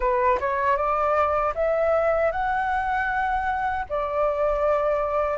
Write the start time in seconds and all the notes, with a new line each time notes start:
0.00 B4
0.40 C#5
0.76 D5
1.55 E5
2.31 F#5
3.88 D5